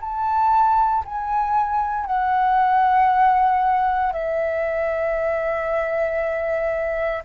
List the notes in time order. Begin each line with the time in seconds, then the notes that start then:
0.00 A5
1.04 G#5
2.05 F#5
4.12 E5